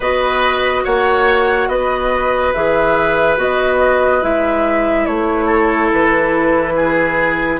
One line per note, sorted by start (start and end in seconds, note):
0.00 0.83 B3
0.00 2.55 F#4
0.00 0.83 B4
0.00 0.84 D#5
0.84 1.67 A#3
0.84 1.68 C#5
0.84 1.68 F#5
1.67 2.52 B3
1.67 5.45 B4
1.67 2.53 D#5
2.53 3.37 E3
2.53 3.37 G#4
2.53 3.38 E5
3.37 4.21 B3
3.37 4.21 F#4
3.37 4.23 D#5
4.22 5.06 G#3
4.22 7.60 E4
4.22 5.05 E5
5.05 5.91 A3
5.05 5.90 C#5
5.45 6.72 A4
5.92 7.60 E3
5.92 7.60 B4
6.76 7.60 G#4